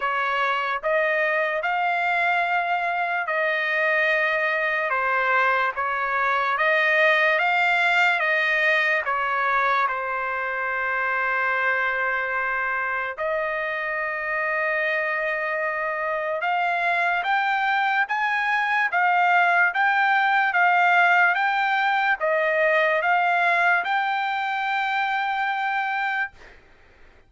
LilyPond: \new Staff \with { instrumentName = "trumpet" } { \time 4/4 \tempo 4 = 73 cis''4 dis''4 f''2 | dis''2 c''4 cis''4 | dis''4 f''4 dis''4 cis''4 | c''1 |
dis''1 | f''4 g''4 gis''4 f''4 | g''4 f''4 g''4 dis''4 | f''4 g''2. | }